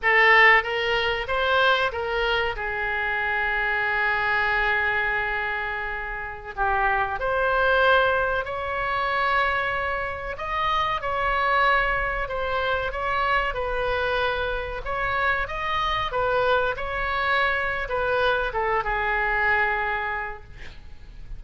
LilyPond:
\new Staff \with { instrumentName = "oboe" } { \time 4/4 \tempo 4 = 94 a'4 ais'4 c''4 ais'4 | gis'1~ | gis'2~ gis'16 g'4 c''8.~ | c''4~ c''16 cis''2~ cis''8.~ |
cis''16 dis''4 cis''2 c''8.~ | c''16 cis''4 b'2 cis''8.~ | cis''16 dis''4 b'4 cis''4.~ cis''16 | b'4 a'8 gis'2~ gis'8 | }